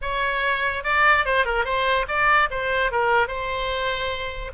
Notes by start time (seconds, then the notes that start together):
0.01 C#5
0.83 D5
1.25 C5
1.45 A#4
1.64 C5
2.07 D5
2.50 C5
2.91 A#4
3.27 C5